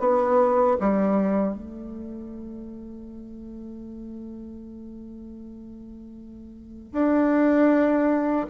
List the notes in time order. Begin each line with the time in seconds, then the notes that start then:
0.00 B3
0.80 G3
1.54 A3
6.93 D4